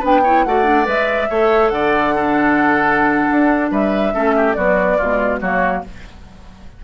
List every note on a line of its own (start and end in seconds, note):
0.00 0.46 B3
0.00 0.23 D4
0.00 0.21 B4
0.06 0.44 G5
0.24 0.47 E4
0.24 0.45 C#5
0.44 0.87 A3
0.44 0.64 F#4
0.44 1.30 D5
0.44 0.87 F#5
0.64 0.85 D4
0.86 1.29 G#3
0.86 1.28 B4
0.86 1.70 E5
1.30 1.71 A3
1.30 2.15 A4
1.30 1.72 C#5
1.70 3.29 D3
1.70 2.15 D5
1.70 3.70 F#5
2.15 4.13 D4
2.15 3.71 A4
3.32 3.72 D4
3.71 4.14 G3
3.71 4.14 B4
3.71 4.54 E5
4.13 4.57 A3
4.13 4.55 C#4
4.13 4.36 A4
4.37 4.57 G4
4.54 4.97 F#3
4.54 4.99 B3
4.54 4.98 F#4
4.54 5.39 D5
4.98 5.42 B2
4.98 5.42 G#3
4.98 5.40 F4
5.41 5.84 F#3
5.41 5.85 A#3
5.41 5.84 F#4
5.41 5.84 C#5